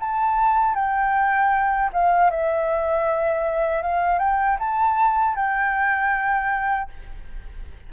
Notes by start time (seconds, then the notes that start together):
0.00 A5
0.75 G5
1.93 F5
2.31 E5
3.83 F5
4.19 G5
4.59 A5
5.36 G5